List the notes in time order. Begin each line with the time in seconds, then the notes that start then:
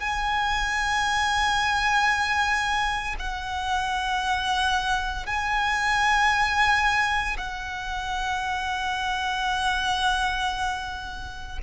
0.00 G#5
3.20 F#5
5.27 G#5
7.38 F#5